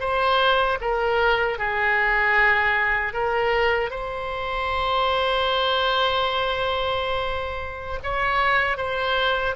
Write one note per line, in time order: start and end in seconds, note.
0.00 0.78 C5
0.81 1.58 A#4
1.58 3.13 G#4
3.13 3.90 A#4
3.90 7.99 C5
8.03 8.77 C#5
8.77 9.55 C5